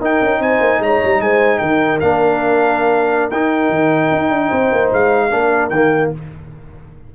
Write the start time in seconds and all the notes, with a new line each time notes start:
0.00 D#4 A#4 G5
0.22 C#4
0.40 C4 C5 G#5
0.60 A#3
0.80 G#3 C#5 A#5
1.04 G3
1.21 G#3 C5 G#5
1.59 D#3 A#4 G5
2.00 A#3 D4 F5
3.31 D#4 G5
3.70 D#3
4.12 D#4
4.30 D4
4.49 C4 C5
4.72 A#3
4.92 G#3 F5
5.31 A#3 D4 A#4
5.70 D#3 A#3 G5